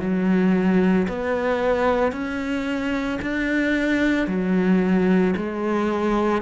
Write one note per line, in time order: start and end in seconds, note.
0.00 1.07 F#3
1.09 2.12 B3
2.12 3.19 C#4
3.22 4.28 D4
4.28 5.35 F#3
5.37 6.42 G#3